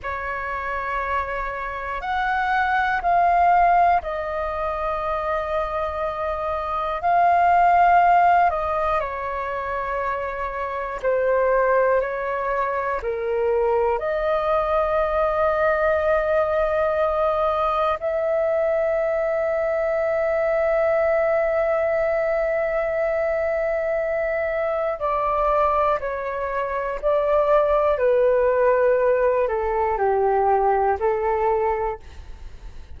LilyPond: \new Staff \with { instrumentName = "flute" } { \time 4/4 \tempo 4 = 60 cis''2 fis''4 f''4 | dis''2. f''4~ | f''8 dis''8 cis''2 c''4 | cis''4 ais'4 dis''2~ |
dis''2 e''2~ | e''1~ | e''4 d''4 cis''4 d''4 | b'4. a'8 g'4 a'4 | }